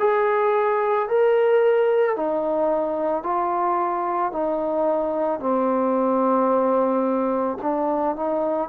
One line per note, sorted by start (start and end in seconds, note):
0.00 1.09 G#4
1.09 2.17 A#4
2.17 3.23 D#4
3.23 4.32 F4
4.33 5.40 D#4
5.40 7.58 C4
7.63 8.17 D4
8.17 8.70 D#4